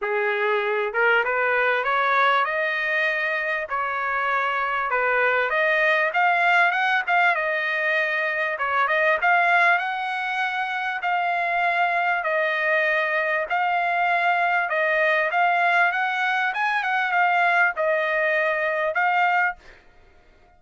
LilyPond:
\new Staff \with { instrumentName = "trumpet" } { \time 4/4 \tempo 4 = 98 gis'4. ais'8 b'4 cis''4 | dis''2 cis''2 | b'4 dis''4 f''4 fis''8 f''8 | dis''2 cis''8 dis''8 f''4 |
fis''2 f''2 | dis''2 f''2 | dis''4 f''4 fis''4 gis''8 fis''8 | f''4 dis''2 f''4 | }